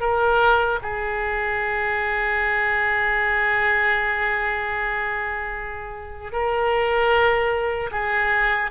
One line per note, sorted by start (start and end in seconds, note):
0.00 0.79 A#4
0.82 6.32 G#4
6.32 7.89 A#4
7.91 8.70 G#4